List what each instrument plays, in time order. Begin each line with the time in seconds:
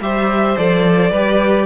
0.00 cello G3, viola G4, violin C5 E5
0.56 cello F3, viola A4, violin D5
1.10 cello G3, viola G4, violin B4